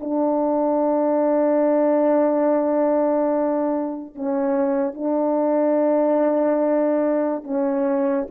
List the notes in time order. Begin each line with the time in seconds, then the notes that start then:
0.00 D4
4.15 C#4
4.94 D4
7.43 C#4